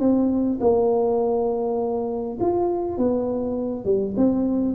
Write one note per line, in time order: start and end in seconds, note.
0.00 0.59 C4
0.61 2.39 A#3
2.41 2.98 F4
2.98 3.85 B3
3.85 4.15 G3
4.17 4.76 C4